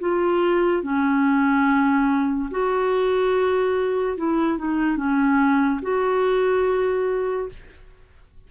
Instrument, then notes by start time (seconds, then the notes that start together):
clarinet
0.00 F4
0.83 C#4
2.51 F#4
4.17 E4
4.58 D#4
4.97 C#4
5.82 F#4